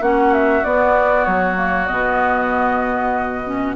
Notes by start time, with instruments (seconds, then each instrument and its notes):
0.00 bassoon A#3, clarinet C#4, oboe F#4, flute F#5
0.33 flute E5
0.64 bassoon B3, clarinet B3, flute D5
1.24 bassoon F#3, flute C#5
1.55 clarinet A#3
1.87 bassoon B2, clarinet B3, flute D#5
3.44 clarinet C#4